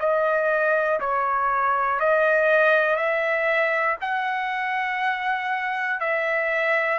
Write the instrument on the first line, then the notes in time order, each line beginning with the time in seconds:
trumpet
0.00 D#5
1.00 C#5
2.00 D#5
2.96 E5
4.01 F#5
6.00 E5